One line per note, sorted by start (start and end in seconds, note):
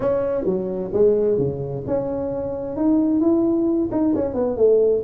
0.00 0.45 C#4
0.45 0.90 F#3
0.93 1.38 G#3
1.38 1.83 C#3
1.86 2.76 C#4
2.76 3.20 D#4
3.20 3.89 E4
3.91 4.14 D#4
4.15 4.33 C#4
4.33 4.56 B3
4.57 5.02 A3